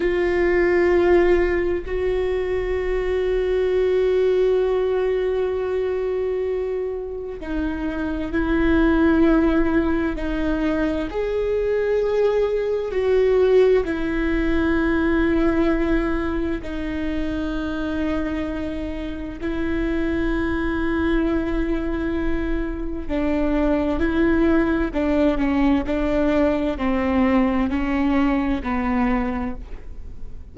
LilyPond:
\new Staff \with { instrumentName = "viola" } { \time 4/4 \tempo 4 = 65 f'2 fis'2~ | fis'1 | dis'4 e'2 dis'4 | gis'2 fis'4 e'4~ |
e'2 dis'2~ | dis'4 e'2.~ | e'4 d'4 e'4 d'8 cis'8 | d'4 c'4 cis'4 b4 | }